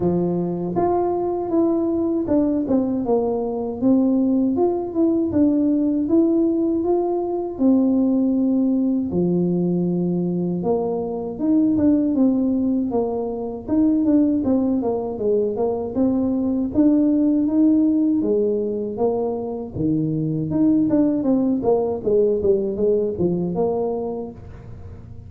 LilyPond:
\new Staff \with { instrumentName = "tuba" } { \time 4/4 \tempo 4 = 79 f4 f'4 e'4 d'8 c'8 | ais4 c'4 f'8 e'8 d'4 | e'4 f'4 c'2 | f2 ais4 dis'8 d'8 |
c'4 ais4 dis'8 d'8 c'8 ais8 | gis8 ais8 c'4 d'4 dis'4 | gis4 ais4 dis4 dis'8 d'8 | c'8 ais8 gis8 g8 gis8 f8 ais4 | }